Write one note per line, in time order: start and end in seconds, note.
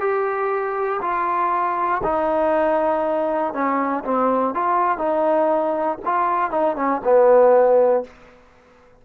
0.00 1.00 G4
1.02 2.02 F4
2.04 3.54 D#4
3.54 4.04 C#4
4.04 4.54 C4
4.54 4.98 F4
4.98 5.98 D#4
6.05 6.51 F4
6.51 6.76 D#4
6.76 7.01 C#4
7.04 8.04 B3